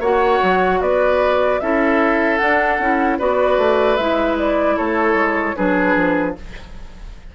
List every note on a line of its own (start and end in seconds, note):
0.00 0.39 A#3
0.00 1.61 F#4
0.00 0.79 C#5
0.00 0.81 F#5
0.43 0.81 F#3
0.81 1.60 B3
0.81 1.61 B4
0.81 1.60 D5
1.60 2.40 C#4
1.60 2.40 E4
1.60 3.18 A4
1.60 2.38 E5
2.38 2.79 D4
2.38 3.17 F#5
2.79 3.19 C#4
2.79 3.20 E4
3.18 3.58 B3
3.18 3.99 F#4
3.18 4.76 B4
3.18 3.96 D5
3.58 3.97 A3
3.96 4.77 G#3
3.96 5.56 E4
3.96 4.36 E5
4.38 4.77 D5
4.77 5.14 A3
4.77 5.56 A4
4.77 5.56 C#5
5.14 5.53 G#3
5.56 5.96 F#3
5.56 6.35 D4
5.56 6.35 G#4
5.56 6.35 B4
5.96 6.35 F3